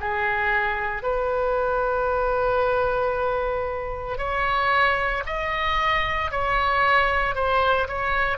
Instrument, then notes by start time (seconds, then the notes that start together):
oboe
0.00 G#4
1.02 B4
4.18 C#5
5.26 D#5
6.31 C#5
7.34 C5
7.88 C#5